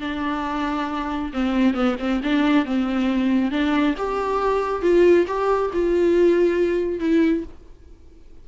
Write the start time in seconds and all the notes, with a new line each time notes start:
0.00 D4
1.33 C4
1.74 B3
1.99 C4
2.23 D4
2.65 C4
3.51 D4
3.97 G4
4.82 F4
5.27 G4
5.73 F4
7.00 E4